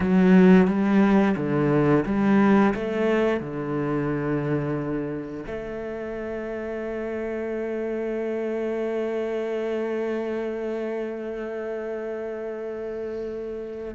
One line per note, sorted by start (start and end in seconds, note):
0.00 0.67 F#3
0.67 1.35 G3
1.36 2.05 D3
2.05 2.73 G3
2.74 3.40 A3
3.40 5.45 D3
5.46 13.94 A3